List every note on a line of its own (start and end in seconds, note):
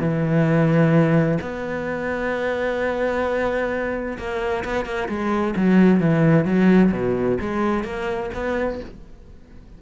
0.00 1.38 E3
1.41 4.18 B3
4.19 4.65 A#3
4.65 4.85 B3
4.85 5.09 A#3
5.09 5.55 G#3
5.57 6.00 F#3
6.00 6.46 E3
6.46 6.92 F#3
6.92 7.38 B2
7.41 7.84 G#3
7.84 8.30 A#3
8.34 8.80 B3